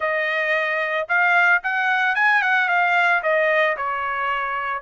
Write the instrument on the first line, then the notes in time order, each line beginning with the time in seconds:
trumpet
0.00 D#5
1.08 F5
1.63 F#5
2.15 G#5
2.42 F#5
2.68 F5
3.22 D#5
3.76 C#5